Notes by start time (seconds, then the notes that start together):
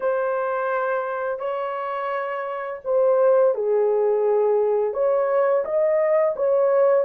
0.00 C5
1.39 C#5
2.84 C5
3.54 G#4
4.93 C#5
5.64 D#5
6.36 C#5